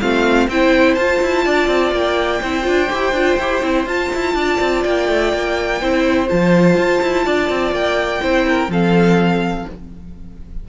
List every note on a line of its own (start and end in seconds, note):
0.00 0.47 A3
0.00 0.49 C4
0.00 0.49 F4
0.00 0.48 F5
0.47 0.96 C4
0.47 0.98 E4
0.47 1.44 C5
0.47 0.95 G5
0.95 1.20 F4
0.95 2.43 F4
0.95 1.91 A5
1.21 1.46 E4
1.44 1.67 D4
1.44 2.41 D5
1.67 1.92 C4
1.92 2.40 A#3
1.92 3.88 G5
2.41 2.67 C4
2.41 2.62 E4
2.41 4.34 C5
2.62 2.91 D4
2.62 2.87 F4
2.90 3.12 E4
2.90 3.14 G4
3.12 3.36 D4
3.12 3.40 F4
3.39 3.63 E4
3.39 3.62 G4
3.62 3.86 C4
3.62 3.86 E4
3.86 4.10 F4
3.86 5.80 F4
3.86 4.83 A5
4.14 4.34 E4
4.34 4.58 D4
4.34 5.81 D5
4.60 4.84 C4
4.83 5.08 A#3
4.83 6.28 G5
5.08 5.33 A3
5.33 5.81 A#3
5.81 6.29 C4
5.81 6.26 E4
5.81 7.25 C5
6.26 6.77 F3
6.26 8.20 F4
6.26 7.73 A5
6.77 7.01 F4
7.02 7.26 E4
7.25 7.49 D4
7.25 8.22 D5
7.49 7.72 C4
7.72 8.20 A#3
7.72 8.70 G5
8.21 8.68 C4
8.21 8.69 E4
8.21 8.46 C5
8.48 8.71 A#4
8.68 9.65 F3
8.68 9.68 C4
8.68 9.68 A4
8.68 9.69 F5